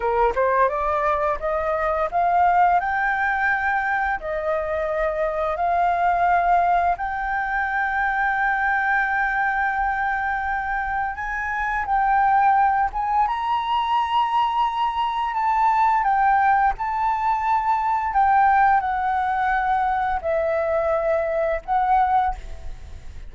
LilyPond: \new Staff \with { instrumentName = "flute" } { \time 4/4 \tempo 4 = 86 ais'8 c''8 d''4 dis''4 f''4 | g''2 dis''2 | f''2 g''2~ | g''1 |
gis''4 g''4. gis''8 ais''4~ | ais''2 a''4 g''4 | a''2 g''4 fis''4~ | fis''4 e''2 fis''4 | }